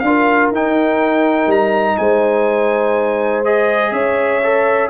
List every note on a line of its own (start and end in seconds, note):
0.00 0.52 D4
0.00 0.54 F4
0.00 0.49 F5
0.07 1.99 A#4
0.52 1.47 D#4
0.52 3.45 D#4
0.52 1.51 G5
1.47 1.96 G3
1.47 1.98 A#5
1.98 3.92 G#3
1.98 3.94 C5
1.98 3.44 G#5
3.45 4.43 G#4
3.45 3.93 D#5
3.92 4.90 C#4
3.92 4.90 C#5
3.92 4.90 E5
4.43 4.90 A4